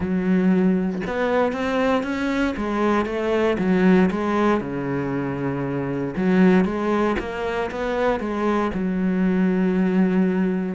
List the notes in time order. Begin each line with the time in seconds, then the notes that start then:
0.00 F#3
1.07 B3
1.52 C4
2.03 C#4
2.56 G#3
3.05 A3
3.58 F#3
4.10 G#3
4.60 C#3
6.16 F#3
6.64 G#3
7.19 A#3
7.71 B3
8.20 G#3
8.73 F#3